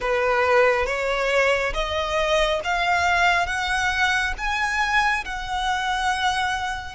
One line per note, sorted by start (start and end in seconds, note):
0.00 0.86 B4
0.86 1.73 C#5
1.73 2.60 D#5
2.64 3.46 F5
3.46 4.33 F#5
4.37 5.24 G#5
5.24 6.95 F#5